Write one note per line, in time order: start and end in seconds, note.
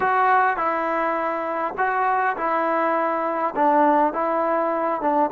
0.00 0.56 F#4
0.56 1.74 E4
1.77 2.36 F#4
2.36 3.54 E4
3.55 4.13 D4
4.13 5.01 E4
5.01 5.30 D4